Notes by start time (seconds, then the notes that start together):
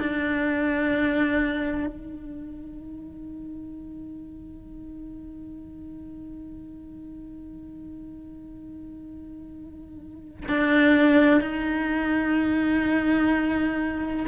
0.00 D4
1.87 D#4
10.49 D4
11.41 D#4